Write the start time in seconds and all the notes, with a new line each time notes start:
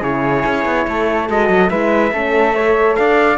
0.00 C#3 E4 G#4 C#5
0.46 C#4
0.65 B3
0.87 A3 A4
1.28 G#3 F#4 D#5
1.49 F#3
1.70 G#3 E4 B4 E5
2.12 A3 C#4 A4
2.55 A4 C#5
2.96 D4 D5 F5